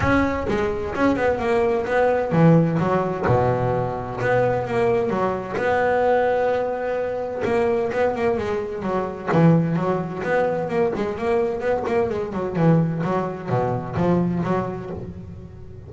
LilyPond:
\new Staff \with { instrumentName = "double bass" } { \time 4/4 \tempo 4 = 129 cis'4 gis4 cis'8 b8 ais4 | b4 e4 fis4 b,4~ | b,4 b4 ais4 fis4 | b1 |
ais4 b8 ais8 gis4 fis4 | e4 fis4 b4 ais8 gis8 | ais4 b8 ais8 gis8 fis8 e4 | fis4 b,4 f4 fis4 | }